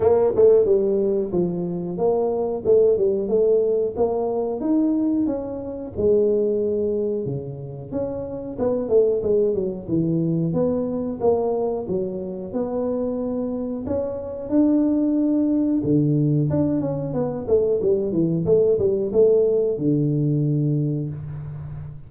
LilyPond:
\new Staff \with { instrumentName = "tuba" } { \time 4/4 \tempo 4 = 91 ais8 a8 g4 f4 ais4 | a8 g8 a4 ais4 dis'4 | cis'4 gis2 cis4 | cis'4 b8 a8 gis8 fis8 e4 |
b4 ais4 fis4 b4~ | b4 cis'4 d'2 | d4 d'8 cis'8 b8 a8 g8 e8 | a8 g8 a4 d2 | }